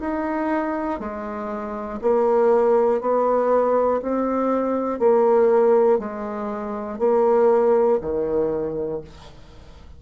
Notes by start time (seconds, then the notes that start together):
0.00 D#4
1.00 G#3
2.02 A#3
3.00 B3
4.02 C4
5.00 A#3
5.99 G#3
6.99 A#3
8.01 D#3